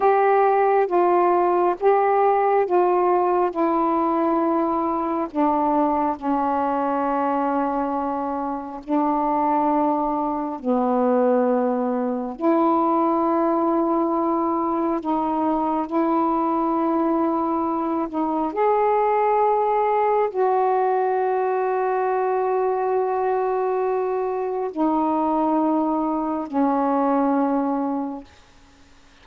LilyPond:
\new Staff \with { instrumentName = "saxophone" } { \time 4/4 \tempo 4 = 68 g'4 f'4 g'4 f'4 | e'2 d'4 cis'4~ | cis'2 d'2 | b2 e'2~ |
e'4 dis'4 e'2~ | e'8 dis'8 gis'2 fis'4~ | fis'1 | dis'2 cis'2 | }